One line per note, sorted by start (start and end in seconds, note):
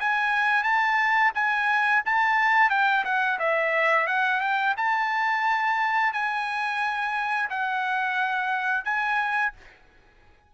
0.00 0.64 G#5
0.64 1.32 A5
1.35 2.03 G#5
2.05 2.70 A5
2.70 3.04 G5
3.05 3.39 F#5
3.39 4.07 E5
4.07 4.40 F#5
4.40 4.74 G5
4.77 6.13 A5
6.13 7.49 G#5
7.50 8.85 F#5
8.85 9.53 G#5